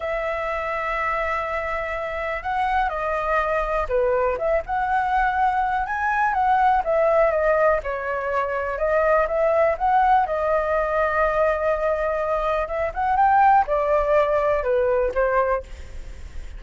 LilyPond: \new Staff \with { instrumentName = "flute" } { \time 4/4 \tempo 4 = 123 e''1~ | e''4 fis''4 dis''2 | b'4 e''8 fis''2~ fis''8 | gis''4 fis''4 e''4 dis''4 |
cis''2 dis''4 e''4 | fis''4 dis''2.~ | dis''2 e''8 fis''8 g''4 | d''2 b'4 c''4 | }